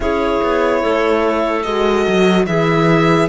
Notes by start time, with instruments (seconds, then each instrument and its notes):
0.00 cello C#4, horn E4, clarinet G#4, violin C#5
0.42 cello B3
0.81 cello A3, clarinet A4
1.62 cello G#3, horn F#4, violin D#5
2.07 cello F#3
2.46 cello E3, horn E4, clarinet G#4, violin E5